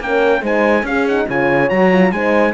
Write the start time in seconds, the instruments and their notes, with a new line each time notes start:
0.00 cello A#3, horn C#4 A#4, trumpet G5
0.42 cello G#3, horn D#4 C5, trumpet G#5
0.83 cello C#4, horn C#4 G#4, trumpet F5
1.08 horn D#4, trumpet F#5
1.28 cello C#3, horn F4 C#5, trumpet G#5
1.70 cello F#3, horn F#4, trumpet A#5
1.93 horn F4
2.12 cello G#3, horn D#4 C5, trumpet G#5